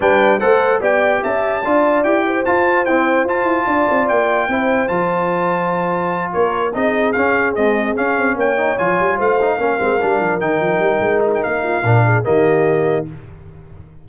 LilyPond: <<
  \new Staff \with { instrumentName = "trumpet" } { \time 4/4 \tempo 4 = 147 g''4 fis''4 g''4 a''4~ | a''4 g''4 a''4 g''4 | a''2 g''2 | a''2.~ a''8 cis''8~ |
cis''8 dis''4 f''4 dis''4 f''8~ | f''8 g''4 gis''4 f''4.~ | f''4. g''2 dis'16 g''16 | f''2 dis''2 | }
  \new Staff \with { instrumentName = "horn" } { \time 4/4 b'4 c''4 d''4 e''4 | d''4. c''2~ c''8~ | c''4 d''2 c''4~ | c''2.~ c''8 ais'8~ |
ais'8 gis'2.~ gis'8~ | gis'8 cis''2 c''4 ais'8~ | ais'1~ | ais'8 f'8 ais'8 gis'8 g'2 | }
  \new Staff \with { instrumentName = "trombone" } { \time 4/4 d'4 a'4 g'2 | f'4 g'4 f'4 c'4 | f'2. e'4 | f'1~ |
f'8 dis'4 cis'4 gis4 cis'8~ | cis'4 dis'8 f'4. dis'8 cis'8 | c'8 d'4 dis'2~ dis'8~ | dis'4 d'4 ais2 | }
  \new Staff \with { instrumentName = "tuba" } { \time 4/4 g4 a4 b4 cis'4 | d'4 e'4 f'4 e'4 | f'8 e'8 d'8 c'8 ais4 c'4 | f2.~ f8 ais8~ |
ais8 c'4 cis'4 c'4 cis'8 | c'8 ais4 f8 g8 a4 ais8 | gis8 g8 f8 dis8 f8 g8 gis4 | ais4 ais,4 dis2 | }
>>